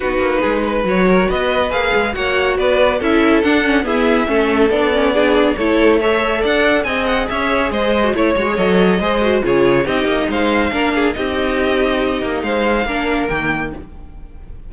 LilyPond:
<<
  \new Staff \with { instrumentName = "violin" } { \time 4/4 \tempo 4 = 140 b'2 cis''4 dis''4 | f''4 fis''4 d''4 e''4 | fis''4 e''2 d''4~ | d''4 cis''4 e''4 fis''4 |
gis''8 fis''8 e''4 dis''4 cis''4 | dis''2 cis''4 dis''4 | f''2 dis''2~ | dis''4 f''2 g''4 | }
  \new Staff \with { instrumentName = "violin" } { \time 4/4 fis'4 gis'8 b'4 ais'8 b'4~ | b'4 cis''4 b'4 a'4~ | a'4 gis'4 a'2 | gis'4 a'4 cis''4 d''4 |
dis''4 cis''4 c''4 cis''4~ | cis''4 c''4 gis'4 g'4 | c''4 ais'8 gis'8 g'2~ | g'4 c''4 ais'2 | }
  \new Staff \with { instrumentName = "viola" } { \time 4/4 dis'2 fis'2 | gis'4 fis'2 e'4 | d'8 cis'8 b4 cis'4 d'8 cis'8 | d'4 e'4 a'2 |
gis'2~ gis'8. fis'16 e'8 fis'16 gis'16 | a'4 gis'8 fis'8 f'4 dis'4~ | dis'4 d'4 dis'2~ | dis'2 d'4 ais4 | }
  \new Staff \with { instrumentName = "cello" } { \time 4/4 b8 ais8 gis4 fis4 b4 | ais8 gis8 ais4 b4 cis'4 | d'4 e'4 a4 b4~ | b4 a2 d'4 |
c'4 cis'4 gis4 a8 gis8 | fis4 gis4 cis4 c'8 ais8 | gis4 ais4 c'2~ | c'8 ais8 gis4 ais4 dis4 | }
>>